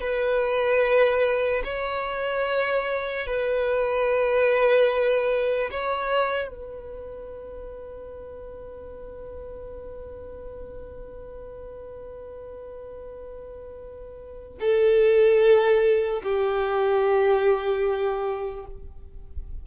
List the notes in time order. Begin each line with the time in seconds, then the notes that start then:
0.00 B4
1.64 C#5
3.26 B4
5.71 C#5
6.47 B4
14.60 A4
16.22 G4